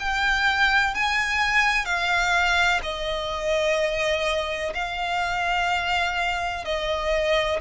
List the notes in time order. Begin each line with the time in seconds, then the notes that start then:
0.00 G5
0.95 G#5
1.86 F5
2.83 D#5
4.75 F5
6.65 D#5